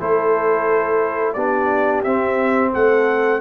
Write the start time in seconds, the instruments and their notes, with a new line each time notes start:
0.00 tuba A3, trombone E4, horn A4, trumpet C5
1.33 tuba B3, trombone D4, horn G4, trumpet D5
2.04 tuba C4, trombone C4, trumpet E5
2.72 tuba A3, horn A4, trumpet F#5